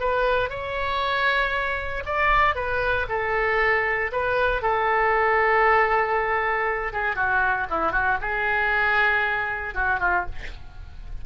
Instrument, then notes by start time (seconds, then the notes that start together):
oboe
0.00 B4
0.50 C#5
2.06 D5
2.55 B4
3.09 A4
4.12 B4
4.62 A4
6.93 G#4
7.16 F#4
7.70 E4
7.92 F#4
8.22 G#4
9.75 F#4
10.00 F4